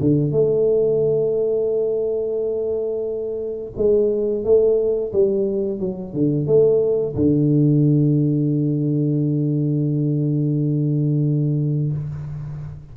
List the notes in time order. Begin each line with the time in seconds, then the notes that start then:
0.00 D3
0.31 A3
3.77 G#3
4.44 A3
5.12 G3
5.79 F#3
6.13 D3
6.46 A3
7.15 D3